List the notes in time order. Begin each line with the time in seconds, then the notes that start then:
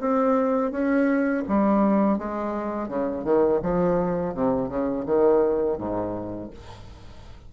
0.00 C4
0.71 C#4
1.48 G3
2.18 G#3
2.88 C#3
3.24 D#3
3.62 F3
4.34 C3
4.68 C#3
5.06 D#3
5.78 G#2